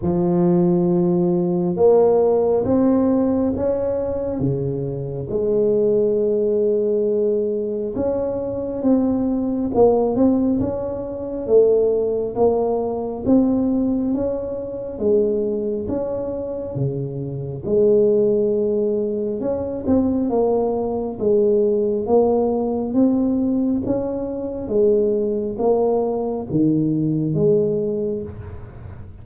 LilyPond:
\new Staff \with { instrumentName = "tuba" } { \time 4/4 \tempo 4 = 68 f2 ais4 c'4 | cis'4 cis4 gis2~ | gis4 cis'4 c'4 ais8 c'8 | cis'4 a4 ais4 c'4 |
cis'4 gis4 cis'4 cis4 | gis2 cis'8 c'8 ais4 | gis4 ais4 c'4 cis'4 | gis4 ais4 dis4 gis4 | }